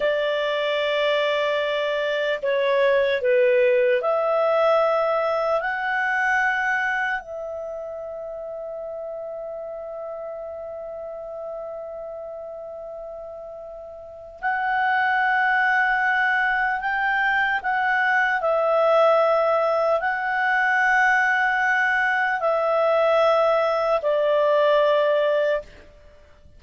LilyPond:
\new Staff \with { instrumentName = "clarinet" } { \time 4/4 \tempo 4 = 75 d''2. cis''4 | b'4 e''2 fis''4~ | fis''4 e''2.~ | e''1~ |
e''2 fis''2~ | fis''4 g''4 fis''4 e''4~ | e''4 fis''2. | e''2 d''2 | }